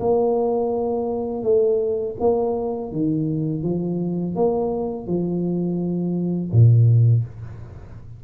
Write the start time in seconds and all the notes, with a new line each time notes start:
0.00 A#3
1.43 A3
2.20 A#3
2.92 D#3
3.63 F3
4.36 A#3
5.07 F3
6.52 A#2